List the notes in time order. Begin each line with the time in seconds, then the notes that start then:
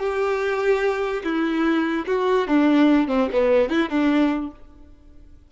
0.00 G4
1.24 E4
2.07 F#4
2.48 D4
3.08 C4
3.33 B3
3.70 E4
3.90 D4